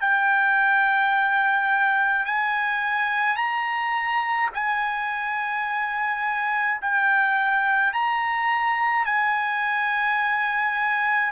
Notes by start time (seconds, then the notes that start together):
0.00 G5
2.25 G#5
3.36 A#5
4.54 G#5
6.81 G5
7.92 A#5
9.05 G#5